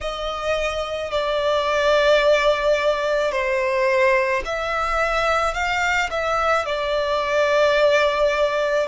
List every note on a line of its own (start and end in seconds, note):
0.00 1.11 D#5
1.11 3.31 D5
3.31 4.42 C5
4.44 5.54 E5
5.54 6.09 F5
6.10 6.65 E5
6.65 8.87 D5